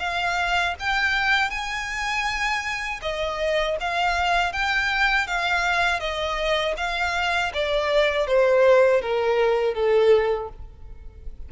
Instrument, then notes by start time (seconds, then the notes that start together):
violin
0.00 F5
0.80 G5
1.50 G#5
3.02 D#5
3.80 F5
4.53 G5
5.27 F5
6.00 D#5
6.77 F5
7.54 D5
8.27 C5
9.02 A#4
9.74 A4